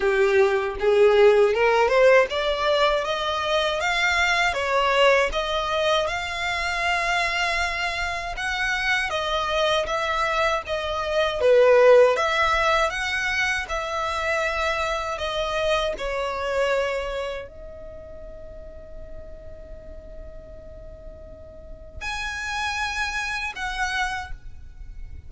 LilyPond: \new Staff \with { instrumentName = "violin" } { \time 4/4 \tempo 4 = 79 g'4 gis'4 ais'8 c''8 d''4 | dis''4 f''4 cis''4 dis''4 | f''2. fis''4 | dis''4 e''4 dis''4 b'4 |
e''4 fis''4 e''2 | dis''4 cis''2 dis''4~ | dis''1~ | dis''4 gis''2 fis''4 | }